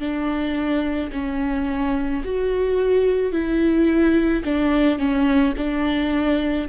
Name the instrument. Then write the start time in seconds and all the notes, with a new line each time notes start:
viola
0.00 D4
1.12 C#4
2.25 F#4
3.33 E4
4.45 D4
4.99 C#4
5.58 D4